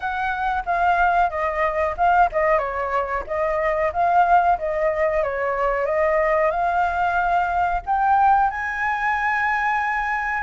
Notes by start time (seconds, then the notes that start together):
0.00 F#5
0.65 F5
1.30 D#5
1.97 F5
2.32 D#5
2.58 C#5
3.26 D#5
3.92 F5
4.58 D#5
5.23 C#5
5.85 D#5
6.50 F5
7.86 G5
8.50 G#5